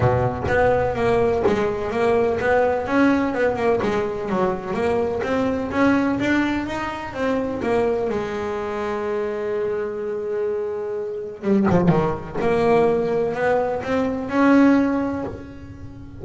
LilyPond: \new Staff \with { instrumentName = "double bass" } { \time 4/4 \tempo 4 = 126 b,4 b4 ais4 gis4 | ais4 b4 cis'4 b8 ais8 | gis4 fis4 ais4 c'4 | cis'4 d'4 dis'4 c'4 |
ais4 gis2.~ | gis1 | g8 f8 dis4 ais2 | b4 c'4 cis'2 | }